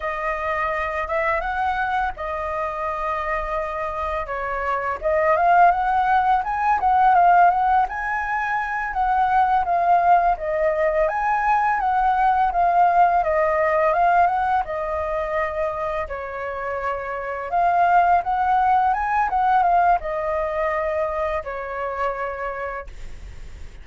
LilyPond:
\new Staff \with { instrumentName = "flute" } { \time 4/4 \tempo 4 = 84 dis''4. e''8 fis''4 dis''4~ | dis''2 cis''4 dis''8 f''8 | fis''4 gis''8 fis''8 f''8 fis''8 gis''4~ | gis''8 fis''4 f''4 dis''4 gis''8~ |
gis''8 fis''4 f''4 dis''4 f''8 | fis''8 dis''2 cis''4.~ | cis''8 f''4 fis''4 gis''8 fis''8 f''8 | dis''2 cis''2 | }